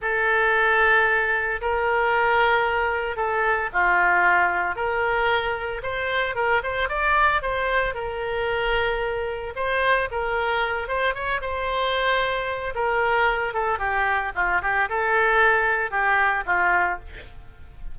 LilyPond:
\new Staff \with { instrumentName = "oboe" } { \time 4/4 \tempo 4 = 113 a'2. ais'4~ | ais'2 a'4 f'4~ | f'4 ais'2 c''4 | ais'8 c''8 d''4 c''4 ais'4~ |
ais'2 c''4 ais'4~ | ais'8 c''8 cis''8 c''2~ c''8 | ais'4. a'8 g'4 f'8 g'8 | a'2 g'4 f'4 | }